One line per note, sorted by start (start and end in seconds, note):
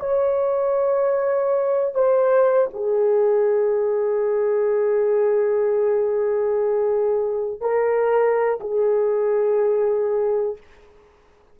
0.00 1.94 C#5
1.94 2.68 C5
2.74 7.61 G#4
7.61 8.59 A#4
8.61 10.57 G#4